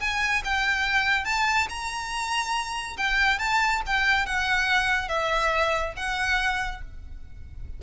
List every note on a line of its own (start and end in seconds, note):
0.00 0.43 G#5
0.44 1.25 G5
1.25 1.68 A5
1.69 2.97 A#5
2.97 3.39 G5
3.39 3.82 A5
3.86 4.26 G5
4.26 5.09 F#5
5.09 5.94 E5
5.97 6.82 F#5